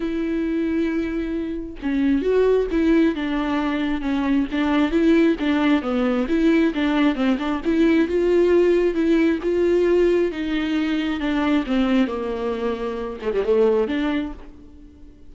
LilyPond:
\new Staff \with { instrumentName = "viola" } { \time 4/4 \tempo 4 = 134 e'1 | cis'4 fis'4 e'4 d'4~ | d'4 cis'4 d'4 e'4 | d'4 b4 e'4 d'4 |
c'8 d'8 e'4 f'2 | e'4 f'2 dis'4~ | dis'4 d'4 c'4 ais4~ | ais4. a16 g16 a4 d'4 | }